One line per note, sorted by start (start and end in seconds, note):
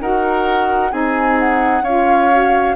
0.00 0.92 D#4
0.00 0.90 F#4
0.00 0.91 A#4
0.00 0.92 F#5
0.90 1.82 C4
0.90 1.82 D#4
0.90 1.83 G#4
0.90 1.38 G#5
1.39 1.85 F#5
1.82 2.74 C#4
1.82 2.31 F4
1.82 2.76 C#5
1.82 2.76 F5
2.31 2.76 F#4